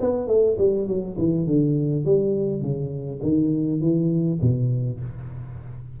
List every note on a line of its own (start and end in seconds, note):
0.00 0.27 B3
0.27 0.56 A3
0.57 0.87 G3
0.87 1.16 F#3
1.18 1.46 E3
1.46 2.04 D3
2.04 2.61 G3
2.61 3.20 C#3
3.22 3.80 D#3
3.80 4.39 E3
4.41 5.00 B2